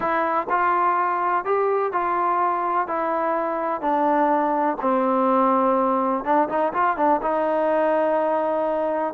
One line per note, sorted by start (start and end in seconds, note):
0.00 0.47 E4
0.49 1.44 F4
1.44 1.92 G4
1.92 2.87 F4
2.87 3.81 E4
3.81 4.77 D4
4.81 6.24 C4
6.24 6.48 D4
6.48 6.72 D#4
6.73 6.96 F4
6.96 7.20 D4
7.22 9.14 D#4